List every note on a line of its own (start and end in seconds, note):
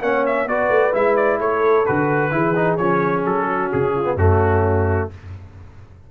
0.00 0.46 A#3
0.00 0.48 C#4
0.00 0.48 C#5
0.00 0.26 F#5
0.26 0.48 E5
0.46 0.69 B3
0.46 0.92 F#4
0.46 1.41 B4
0.46 0.94 D5
0.70 0.93 A3
0.92 1.39 G#3
0.92 1.85 E4
0.92 1.16 E5
1.16 1.39 D5
1.39 1.86 A3
1.39 2.32 A4
1.39 1.86 C#5
1.86 2.32 D3
1.86 2.31 F#4
1.86 2.77 B4
2.31 2.78 E3
2.31 2.54 E4
2.31 3.48 G#4
2.56 2.79 D#4
2.77 3.25 F3
2.77 4.04 C#4
2.77 3.23 C#5
3.25 3.71 F#3
3.25 3.72 A4
3.48 3.94 F#4
3.72 4.16 C#3
3.72 4.18 G#4
3.95 4.17 F4
4.04 4.15 B3
4.16 5.08 F#2
4.16 5.11 A3
4.16 5.09 C#4
4.16 5.10 F#4